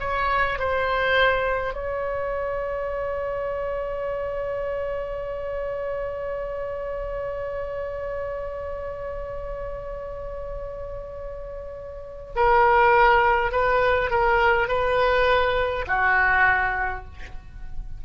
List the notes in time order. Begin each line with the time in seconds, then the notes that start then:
0.00 C#5
0.59 C5
1.74 C#5
12.36 A#4
13.52 B4
14.11 A#4
14.68 B4
15.88 F#4